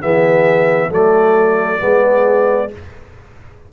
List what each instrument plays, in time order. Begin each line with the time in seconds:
0.00 tuba E3, trombone B3, horn G#4, trumpet E5
0.89 tuba F#3, trombone A3, horn A4, trumpet D5
1.79 tuba G#3, trombone B3, horn G#4